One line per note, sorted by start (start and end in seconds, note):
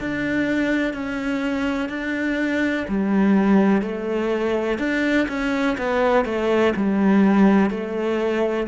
0.00 0.94 D4
0.94 1.89 C#4
1.89 2.86 D4
2.89 3.82 G3
3.82 4.79 A3
4.79 5.27 D4
5.28 5.77 C#4
5.78 6.25 B3
6.25 6.73 A3
6.76 7.71 G3
7.71 8.67 A3